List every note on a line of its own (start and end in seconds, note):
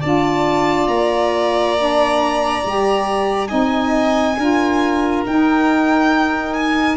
0.00 0.87 D4
0.00 1.76 F4
0.00 3.48 D5
0.00 0.88 A5
0.87 2.61 A#3
0.87 3.47 A#5
1.77 2.64 D4
2.65 3.51 G3
2.65 3.48 G4
3.47 4.37 C4
3.47 4.35 D#4
3.47 4.36 D#5
3.47 5.21 G#5
4.37 5.24 D4
4.37 5.25 F4
4.37 6.96 A#4
5.26 6.96 D#4
5.26 6.53 G5
6.53 6.96 G#5